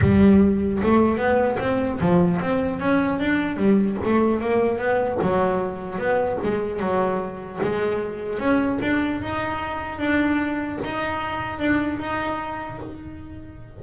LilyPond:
\new Staff \with { instrumentName = "double bass" } { \time 4/4 \tempo 4 = 150 g2 a4 b4 | c'4 f4 c'4 cis'4 | d'4 g4 a4 ais4 | b4 fis2 b4 |
gis4 fis2 gis4~ | gis4 cis'4 d'4 dis'4~ | dis'4 d'2 dis'4~ | dis'4 d'4 dis'2 | }